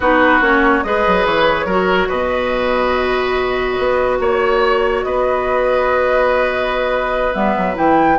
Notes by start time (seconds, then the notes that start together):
0.00 B3 D#4 F#4 B4
0.40 A#3 C#4 C#5
0.83 G#3 G#4 B4 D#5
1.06 F#3
1.25 E3 C#5
1.65 F#3 F#4 A#4
2.08 B2 B4 D#5
3.79 B3
4.19 A#3 C#5
5.03 B3 B4 D#5
7.33 G3 B3 E5
7.56 F#3
7.74 E3 E4 G5